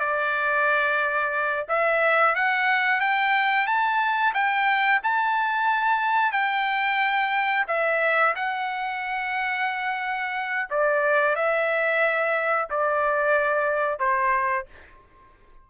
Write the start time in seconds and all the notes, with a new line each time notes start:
0.00 D5
1.69 E5
2.35 F#5
3.01 G5
3.67 A5
4.34 G5
5.03 A5
6.33 G5
7.68 E5
8.36 F#5
10.70 D5
11.36 E5
12.71 D5
14.00 C5